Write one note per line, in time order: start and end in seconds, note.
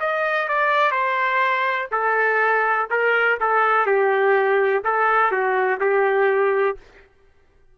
0.00 0.48 D#5
0.48 0.91 D5
0.91 1.88 C5
1.91 2.88 A4
2.90 3.38 A#4
3.40 3.86 A4
3.86 4.83 G4
4.84 5.31 A4
5.31 5.79 F#4
5.80 6.77 G4